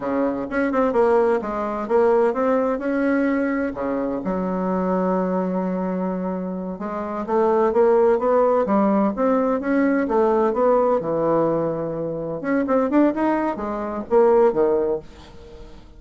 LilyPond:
\new Staff \with { instrumentName = "bassoon" } { \time 4/4 \tempo 4 = 128 cis4 cis'8 c'8 ais4 gis4 | ais4 c'4 cis'2 | cis4 fis2.~ | fis2~ fis8 gis4 a8~ |
a8 ais4 b4 g4 c'8~ | c'8 cis'4 a4 b4 e8~ | e2~ e8 cis'8 c'8 d'8 | dis'4 gis4 ais4 dis4 | }